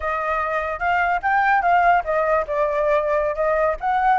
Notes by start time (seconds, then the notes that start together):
0.00 D#5
0.79 F5
1.22 G5
1.62 F5
2.04 D#5
2.47 D5
3.35 D#5
3.80 F#5